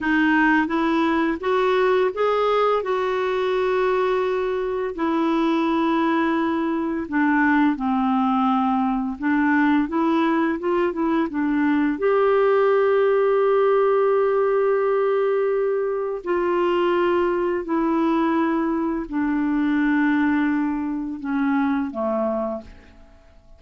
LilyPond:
\new Staff \with { instrumentName = "clarinet" } { \time 4/4 \tempo 4 = 85 dis'4 e'4 fis'4 gis'4 | fis'2. e'4~ | e'2 d'4 c'4~ | c'4 d'4 e'4 f'8 e'8 |
d'4 g'2.~ | g'2. f'4~ | f'4 e'2 d'4~ | d'2 cis'4 a4 | }